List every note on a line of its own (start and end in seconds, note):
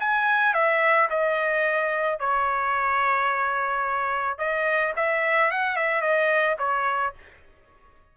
0.00 0.54 G#5
0.54 1.09 E5
1.10 2.20 D#5
2.20 4.39 C#5
4.39 4.94 D#5
4.96 5.51 E5
5.51 5.76 F#5
5.76 6.02 E5
6.02 6.57 D#5
6.59 7.14 C#5